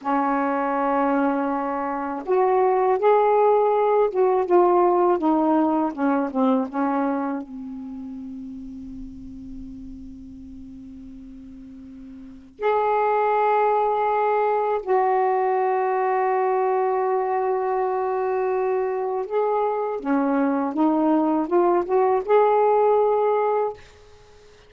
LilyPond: \new Staff \with { instrumentName = "saxophone" } { \time 4/4 \tempo 4 = 81 cis'2. fis'4 | gis'4. fis'8 f'4 dis'4 | cis'8 c'8 cis'4 c'2~ | c'1~ |
c'4 gis'2. | fis'1~ | fis'2 gis'4 cis'4 | dis'4 f'8 fis'8 gis'2 | }